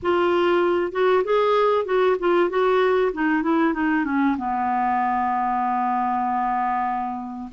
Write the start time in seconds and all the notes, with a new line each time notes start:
0.02 F4
0.91 F#4
1.23 G#4
1.85 F#4
2.19 F4
2.49 F#4
3.12 D#4
3.42 E4
3.73 D#4
4.05 C#4
4.37 B3